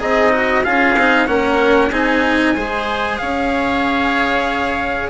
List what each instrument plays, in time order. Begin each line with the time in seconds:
0.00 bassoon C4, oboe D#4, cello G#4, trumpet D#5
0.32 cello F#4
0.65 bassoon C#4, cello F4, oboe G#4, trumpet F5
0.97 bassoon C4, cello D#4
1.28 bassoon A#3, cello C#4, oboe A#4, trumpet F#5
1.91 bassoon C4, cello D#4, oboe G#4, trumpet G#5
2.56 bassoon G#3, cello G#4, oboe C5
3.18 bassoon C#4, oboe C#5, trumpet F5